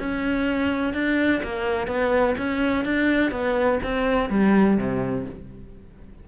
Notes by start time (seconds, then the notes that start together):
0.00 C#4
0.94 D4
1.44 A#3
1.88 B3
2.38 C#4
2.85 D4
3.31 B3
3.84 C4
4.30 G3
4.78 C3